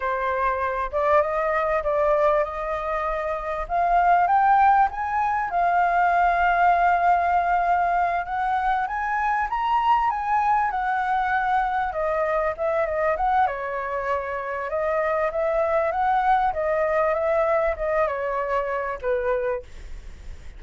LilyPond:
\new Staff \with { instrumentName = "flute" } { \time 4/4 \tempo 4 = 98 c''4. d''8 dis''4 d''4 | dis''2 f''4 g''4 | gis''4 f''2.~ | f''4. fis''4 gis''4 ais''8~ |
ais''8 gis''4 fis''2 dis''8~ | dis''8 e''8 dis''8 fis''8 cis''2 | dis''4 e''4 fis''4 dis''4 | e''4 dis''8 cis''4. b'4 | }